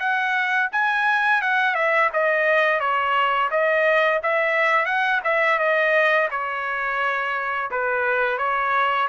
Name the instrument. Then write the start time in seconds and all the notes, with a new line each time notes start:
trumpet
0.00 F#5
0.72 G#5
1.42 F#5
1.75 E5
2.14 D#5
2.80 C#5
3.51 D#5
4.23 E5
4.86 F#5
5.25 E5
5.59 D#5
6.31 C#5
7.71 B4
8.38 C#5